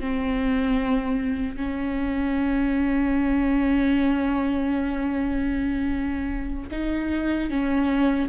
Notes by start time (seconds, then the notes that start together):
0.00 C4
1.56 C#4
6.71 D#4
7.50 C#4